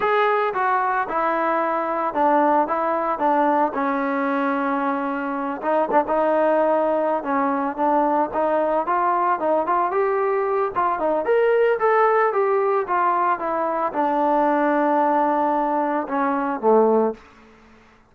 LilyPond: \new Staff \with { instrumentName = "trombone" } { \time 4/4 \tempo 4 = 112 gis'4 fis'4 e'2 | d'4 e'4 d'4 cis'4~ | cis'2~ cis'8 dis'8 d'16 dis'8.~ | dis'4. cis'4 d'4 dis'8~ |
dis'8 f'4 dis'8 f'8 g'4. | f'8 dis'8 ais'4 a'4 g'4 | f'4 e'4 d'2~ | d'2 cis'4 a4 | }